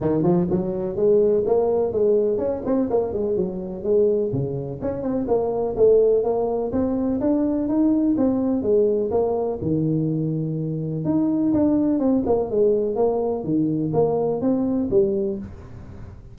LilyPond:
\new Staff \with { instrumentName = "tuba" } { \time 4/4 \tempo 4 = 125 dis8 f8 fis4 gis4 ais4 | gis4 cis'8 c'8 ais8 gis8 fis4 | gis4 cis4 cis'8 c'8 ais4 | a4 ais4 c'4 d'4 |
dis'4 c'4 gis4 ais4 | dis2. dis'4 | d'4 c'8 ais8 gis4 ais4 | dis4 ais4 c'4 g4 | }